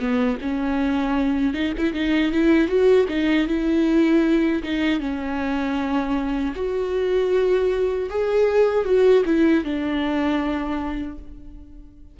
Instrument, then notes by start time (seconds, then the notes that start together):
viola
0.00 B3
0.42 C#4
1.54 D#4
1.79 E4
1.94 D#4
2.33 E4
2.68 F#4
3.09 D#4
3.48 E4
4.64 D#4
5.00 C#4
6.56 F#4
8.10 G#4
8.86 F#4
9.26 E4
9.65 D4